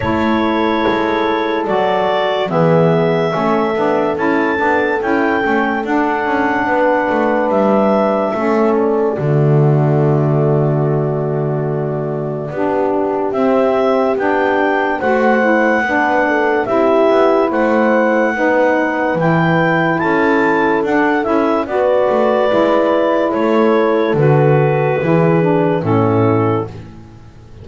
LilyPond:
<<
  \new Staff \with { instrumentName = "clarinet" } { \time 4/4 \tempo 4 = 72 cis''2 d''4 e''4~ | e''4 a''4 g''4 fis''4~ | fis''4 e''4. d''4.~ | d''1 |
e''4 g''4 fis''2 | e''4 fis''2 g''4 | a''4 fis''8 e''8 d''2 | cis''4 b'2 a'4 | }
  \new Staff \with { instrumentName = "horn" } { \time 4/4 a'2. gis'4 | a'1 | b'2 a'4 fis'4~ | fis'2. g'4~ |
g'2 c''4 b'8 a'8 | g'4 c''4 b'2 | a'2 b'2 | a'2 gis'4 e'4 | }
  \new Staff \with { instrumentName = "saxophone" } { \time 4/4 e'2 fis'4 b4 | cis'8 d'8 e'8 d'8 e'8 cis'8 d'4~ | d'2 cis'4 a4~ | a2. d'4 |
c'4 d'4 fis'8 e'8 d'4 | e'2 dis'4 e'4~ | e'4 d'8 e'8 fis'4 e'4~ | e'4 fis'4 e'8 d'8 cis'4 | }
  \new Staff \with { instrumentName = "double bass" } { \time 4/4 a4 gis4 fis4 e4 | a8 b8 cis'8 b8 cis'8 a8 d'8 cis'8 | b8 a8 g4 a4 d4~ | d2. b4 |
c'4 b4 a4 b4 | c'8 b8 a4 b4 e4 | cis'4 d'8 cis'8 b8 a8 gis4 | a4 d4 e4 a,4 | }
>>